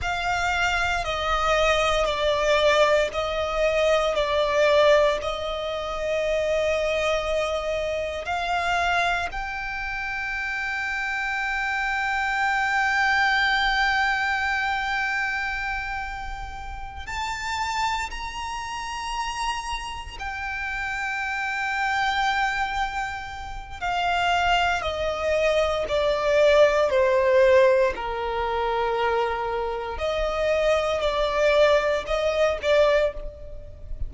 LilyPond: \new Staff \with { instrumentName = "violin" } { \time 4/4 \tempo 4 = 58 f''4 dis''4 d''4 dis''4 | d''4 dis''2. | f''4 g''2.~ | g''1~ |
g''8 a''4 ais''2 g''8~ | g''2. f''4 | dis''4 d''4 c''4 ais'4~ | ais'4 dis''4 d''4 dis''8 d''8 | }